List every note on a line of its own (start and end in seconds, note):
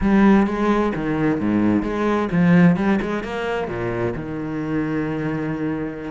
0.00 0.46 G3
0.46 0.93 G#3
0.95 1.40 D#3
1.40 1.82 G#2
1.82 2.28 G#3
2.31 2.76 F3
2.76 2.99 G3
3.01 3.23 G#3
3.23 3.67 A#3
3.67 4.13 A#2
4.15 6.11 D#3